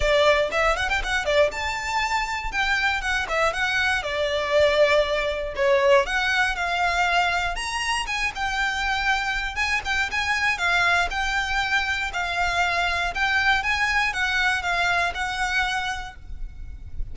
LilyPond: \new Staff \with { instrumentName = "violin" } { \time 4/4 \tempo 4 = 119 d''4 e''8 fis''16 g''16 fis''8 d''8 a''4~ | a''4 g''4 fis''8 e''8 fis''4 | d''2. cis''4 | fis''4 f''2 ais''4 |
gis''8 g''2~ g''8 gis''8 g''8 | gis''4 f''4 g''2 | f''2 g''4 gis''4 | fis''4 f''4 fis''2 | }